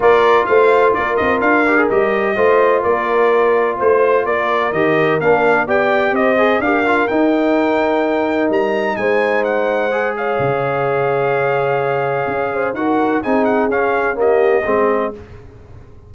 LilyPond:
<<
  \new Staff \with { instrumentName = "trumpet" } { \time 4/4 \tempo 4 = 127 d''4 f''4 d''8 dis''8 f''4 | dis''2 d''2 | c''4 d''4 dis''4 f''4 | g''4 dis''4 f''4 g''4~ |
g''2 ais''4 gis''4 | fis''4. f''2~ f''8~ | f''2. fis''4 | gis''8 fis''8 f''4 dis''2 | }
  \new Staff \with { instrumentName = "horn" } { \time 4/4 ais'4 c''4 ais'2~ | ais'4 c''4 ais'2 | c''4 ais'2. | d''4 c''4 ais'2~ |
ais'2. c''4~ | c''4. cis''2~ cis''8~ | cis''2~ cis''8 c''8 ais'4 | gis'2 g'4 gis'4 | }
  \new Staff \with { instrumentName = "trombone" } { \time 4/4 f'2.~ f'8 g'16 gis'16 | g'4 f'2.~ | f'2 g'4 d'4 | g'4. gis'8 g'8 f'8 dis'4~ |
dis'1~ | dis'4 gis'2.~ | gis'2. fis'4 | dis'4 cis'4 ais4 c'4 | }
  \new Staff \with { instrumentName = "tuba" } { \time 4/4 ais4 a4 ais8 c'8 d'4 | g4 a4 ais2 | a4 ais4 dis4 ais4 | b4 c'4 d'4 dis'4~ |
dis'2 g4 gis4~ | gis2 cis2~ | cis2 cis'4 dis'4 | c'4 cis'2 gis4 | }
>>